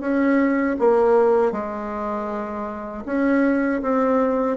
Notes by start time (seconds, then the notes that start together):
0.00 C#4
0.79 A#3
1.52 G#3
3.05 C#4
3.82 C4